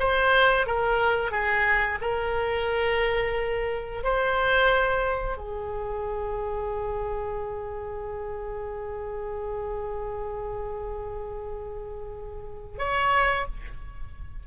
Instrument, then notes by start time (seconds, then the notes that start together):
oboe
0.00 C5
0.67 A#4
1.32 G#4
2.02 A#4
4.04 C5
5.37 G#4
12.79 C#5